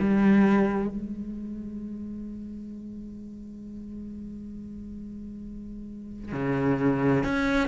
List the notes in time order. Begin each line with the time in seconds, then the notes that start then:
0.00 G3
0.89 G#3
6.33 C#3
7.24 C#4